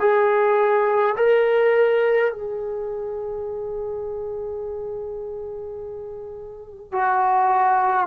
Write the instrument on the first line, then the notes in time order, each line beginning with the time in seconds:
trombone
0.00 G#4
1.17 A#4
2.33 G#4
6.92 F#4